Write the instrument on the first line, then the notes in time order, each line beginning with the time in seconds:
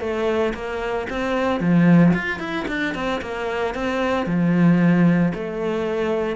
cello
0.00 A3
0.54 A#3
1.09 C4
1.60 F3
2.14 F4
2.39 E4
2.68 D4
2.94 C4
3.21 A#3
3.74 C4
4.26 F3
5.34 A3